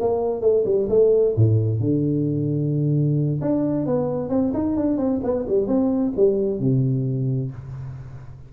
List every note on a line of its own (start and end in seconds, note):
0.00 0.41 A#3
0.41 0.64 A3
0.65 0.88 G3
0.89 1.35 A3
1.36 1.80 A2
1.80 3.41 D3
3.41 3.86 D4
3.86 4.29 B3
4.29 4.52 C4
4.54 4.76 D#4
4.76 4.98 D4
4.98 5.20 C4
5.24 5.46 B3
5.48 5.67 G3
5.67 6.13 C4
6.16 6.60 G3
6.60 7.51 C3